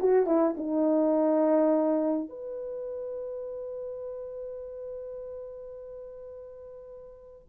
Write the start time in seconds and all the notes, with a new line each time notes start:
0.00 F#4
0.26 E4
0.57 D#4
2.29 B4